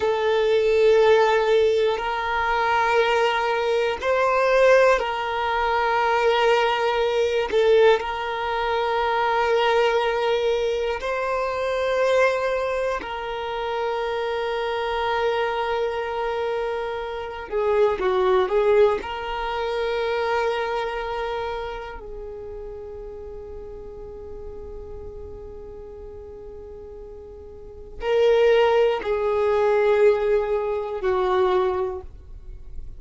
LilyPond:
\new Staff \with { instrumentName = "violin" } { \time 4/4 \tempo 4 = 60 a'2 ais'2 | c''4 ais'2~ ais'8 a'8 | ais'2. c''4~ | c''4 ais'2.~ |
ais'4. gis'8 fis'8 gis'8 ais'4~ | ais'2 gis'2~ | gis'1 | ais'4 gis'2 fis'4 | }